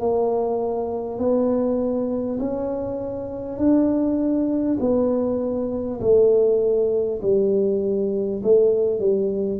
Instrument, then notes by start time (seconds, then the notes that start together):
tuba
0.00 A#3
1.18 B3
2.39 C#4
3.57 D4
4.79 B3
6.00 A3
7.22 G3
8.43 A3
8.99 G3